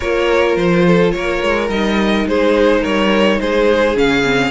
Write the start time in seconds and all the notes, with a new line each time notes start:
0.00 A#3 F4 A#4 C#5
0.56 F3 C5
0.86 A4
1.11 A#3 A#4 C#5
1.42 G#3
1.69 G3 D#4 D#5
2.26 G#3 G#4 C5
2.80 G3 A#4 C#5
3.40 G#3 G#4 C5
3.95 C#3 C#4 F5
4.24 C4